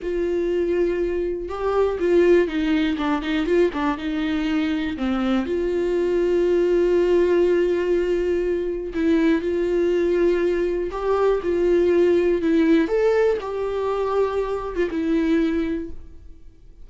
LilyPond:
\new Staff \with { instrumentName = "viola" } { \time 4/4 \tempo 4 = 121 f'2. g'4 | f'4 dis'4 d'8 dis'8 f'8 d'8 | dis'2 c'4 f'4~ | f'1~ |
f'2 e'4 f'4~ | f'2 g'4 f'4~ | f'4 e'4 a'4 g'4~ | g'4.~ g'16 f'16 e'2 | }